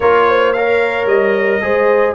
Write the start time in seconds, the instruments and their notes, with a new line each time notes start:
0.00 tuba A#3, trombone F4, horn A#4, trumpet C#5
0.28 horn C5
0.52 trombone A#4, horn C#5, trumpet F5
1.05 tuba G3, trumpet D#5
1.61 tuba G#3, trombone G#4, horn C5